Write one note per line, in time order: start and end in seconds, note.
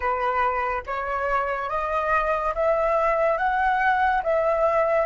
0.00 0.83 B4
0.86 1.69 C#5
1.69 2.53 D#5
2.54 3.37 E5
3.37 4.22 F#5
4.23 5.06 E5